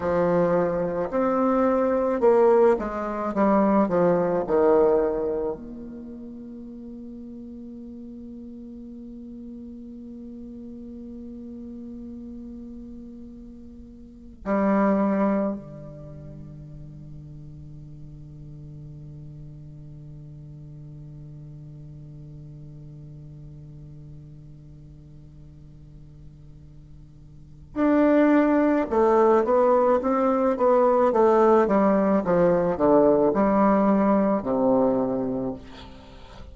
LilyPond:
\new Staff \with { instrumentName = "bassoon" } { \time 4/4 \tempo 4 = 54 f4 c'4 ais8 gis8 g8 f8 | dis4 ais2.~ | ais1~ | ais4 g4 d2~ |
d1~ | d1~ | d4 d'4 a8 b8 c'8 b8 | a8 g8 f8 d8 g4 c4 | }